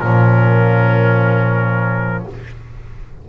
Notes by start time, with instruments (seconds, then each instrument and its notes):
0.00 double bass A#2, trombone F3, oboe C#4, trumpet A#4